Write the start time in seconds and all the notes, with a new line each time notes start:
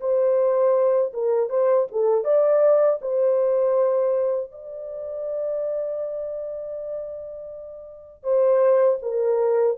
0.00 C5
1.13 A#4
1.49 C5
1.92 A4
2.24 D5
3.01 C5
4.51 D5
8.23 C5
9.02 A#4